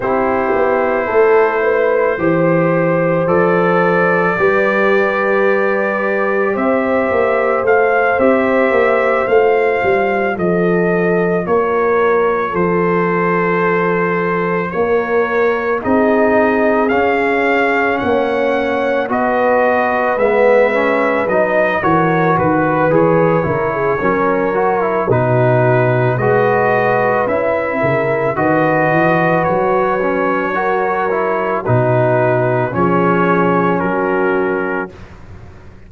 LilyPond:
<<
  \new Staff \with { instrumentName = "trumpet" } { \time 4/4 \tempo 4 = 55 c''2. d''4~ | d''2 e''4 f''8 e''8~ | e''8 f''4 dis''4 cis''4 c''8~ | c''4. cis''4 dis''4 f''8~ |
f''8 fis''4 dis''4 e''4 dis''8 | cis''8 b'8 cis''2 b'4 | dis''4 e''4 dis''4 cis''4~ | cis''4 b'4 cis''4 ais'4 | }
  \new Staff \with { instrumentName = "horn" } { \time 4/4 g'4 a'8 b'8 c''2 | b'2 c''2~ | c''4. a'4 ais'4 a'8~ | a'4. ais'4 gis'4.~ |
gis'8 cis''4 b'2~ b'8 | ais'8 b'4 ais'16 gis'16 ais'4 fis'4 | b'4. ais'8 b'2 | ais'4 fis'4 gis'4 fis'4 | }
  \new Staff \with { instrumentName = "trombone" } { \time 4/4 e'2 g'4 a'4 | g'2. a'8 g'8~ | g'8 f'2.~ f'8~ | f'2~ f'8 dis'4 cis'8~ |
cis'4. fis'4 b8 cis'8 dis'8 | fis'4 gis'8 e'8 cis'8 fis'16 e'16 dis'4 | fis'4 e'4 fis'4. cis'8 | fis'8 e'8 dis'4 cis'2 | }
  \new Staff \with { instrumentName = "tuba" } { \time 4/4 c'8 b8 a4 e4 f4 | g2 c'8 ais8 a8 c'8 | ais8 a8 g8 f4 ais4 f8~ | f4. ais4 c'4 cis'8~ |
cis'8 ais4 b4 gis4 fis8 | e8 dis8 e8 cis8 fis4 b,4 | gis4 cis'8 cis8 dis8 e8 fis4~ | fis4 b,4 f4 fis4 | }
>>